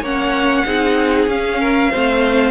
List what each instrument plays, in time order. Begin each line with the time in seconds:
0.00 cello A#3, viola C#4, violin C#5 F#5
0.65 cello C4, viola D#4, violin G#4
1.27 cello C#4, viola C#4, violin F5
1.60 violin A#4
1.91 cello A3, viola C4, violin C5